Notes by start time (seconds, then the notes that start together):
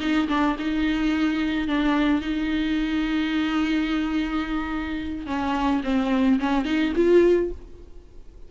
0.00 D#4
0.29 D4
0.59 D#4
1.67 D4
2.21 D#4
5.26 C#4
5.84 C4
6.40 C#4
6.65 D#4
6.96 F4